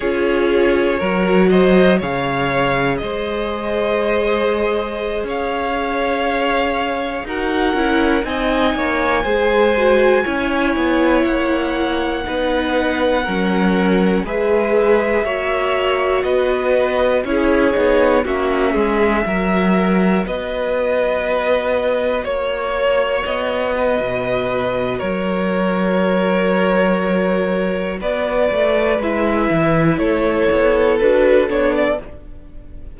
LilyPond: <<
  \new Staff \with { instrumentName = "violin" } { \time 4/4 \tempo 4 = 60 cis''4. dis''8 f''4 dis''4~ | dis''4~ dis''16 f''2 fis''8.~ | fis''16 gis''2. fis''8.~ | fis''2~ fis''16 e''4.~ e''16~ |
e''16 dis''4 cis''4 e''4.~ e''16~ | e''16 dis''2 cis''4 dis''8.~ | dis''4 cis''2. | d''4 e''4 cis''4 b'8 cis''16 d''16 | }
  \new Staff \with { instrumentName = "violin" } { \time 4/4 gis'4 ais'8 c''8 cis''4 c''4~ | c''4~ c''16 cis''2 ais'8.~ | ais'16 dis''8 cis''8 c''4 cis''4.~ cis''16~ | cis''16 b'4 ais'4 b'4 cis''8.~ |
cis''16 b'4 gis'4 fis'8 gis'8 ais'8.~ | ais'16 b'2 cis''4. b'16~ | b'4 ais'2. | b'2 a'2 | }
  \new Staff \with { instrumentName = "viola" } { \time 4/4 f'4 fis'4 gis'2~ | gis'2.~ gis'16 fis'8 e'16~ | e'16 dis'4 gis'8 fis'8 e'4.~ e'16~ | e'16 dis'4 cis'4 gis'4 fis'8.~ |
fis'4~ fis'16 e'8 dis'8 cis'4 fis'8.~ | fis'1~ | fis'1~ | fis'4 e'2 fis'8 d'8 | }
  \new Staff \with { instrumentName = "cello" } { \time 4/4 cis'4 fis4 cis4 gis4~ | gis4~ gis16 cis'2 dis'8 cis'16~ | cis'16 c'8 ais8 gis4 cis'8 b8 ais8.~ | ais16 b4 fis4 gis4 ais8.~ |
ais16 b4 cis'8 b8 ais8 gis8 fis8.~ | fis16 b2 ais4 b8. | b,4 fis2. | b8 a8 gis8 e8 a8 b8 d'8 b8 | }
>>